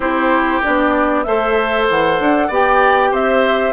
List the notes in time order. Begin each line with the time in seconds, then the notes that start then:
0.00 C4 E4 G4 C5
0.62 B3 D4 D5
1.23 A3 A4 C5 E5
1.90 E3 F#5
2.20 D4
2.47 B3 G4 D5
2.53 G5
3.11 C4 C5 E5